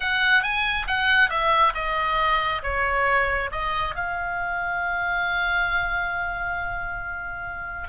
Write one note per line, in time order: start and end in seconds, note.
0.00 0.42 F#5
0.42 0.86 G#5
0.87 1.29 F#5
1.29 1.73 E5
1.74 2.62 D#5
2.63 3.50 C#5
3.51 3.95 D#5
3.95 7.89 F5